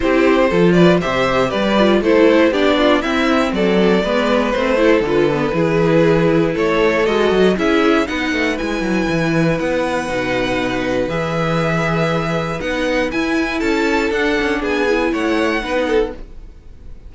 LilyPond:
<<
  \new Staff \with { instrumentName = "violin" } { \time 4/4 \tempo 4 = 119 c''4. d''8 e''4 d''4 | c''4 d''4 e''4 d''4~ | d''4 c''4 b'2~ | b'4 cis''4 dis''4 e''4 |
fis''4 gis''2 fis''4~ | fis''2 e''2~ | e''4 fis''4 gis''4 a''4 | fis''4 gis''4 fis''2 | }
  \new Staff \with { instrumentName = "violin" } { \time 4/4 g'4 a'8 b'8 c''4 b'4 | a'4 g'8 f'8 e'4 a'4 | b'4. a'4. gis'4~ | gis'4 a'2 gis'4 |
b'1~ | b'1~ | b'2. a'4~ | a'4 gis'4 cis''4 b'8 a'8 | }
  \new Staff \with { instrumentName = "viola" } { \time 4/4 e'4 f'4 g'4. f'8 | e'4 d'4 c'2 | b4 c'8 e'8 f'8 b8 e'4~ | e'2 fis'4 e'4 |
dis'4 e'2. | dis'2 gis'2~ | gis'4 dis'4 e'2 | d'4. e'4. dis'4 | }
  \new Staff \with { instrumentName = "cello" } { \time 4/4 c'4 f4 c4 g4 | a4 b4 c'4 fis4 | gis4 a4 d4 e4~ | e4 a4 gis8 fis8 cis'4 |
b8 a8 gis8 fis8 e4 b4 | b,2 e2~ | e4 b4 e'4 cis'4 | d'8 cis'8 b4 a4 b4 | }
>>